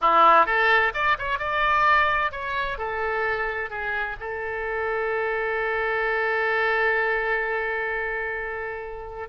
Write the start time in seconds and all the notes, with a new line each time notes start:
0.01 E4
0.46 A4
0.93 D5
1.18 C#5
1.38 D5
2.31 C#5
2.78 A4
3.70 G#4
4.19 A4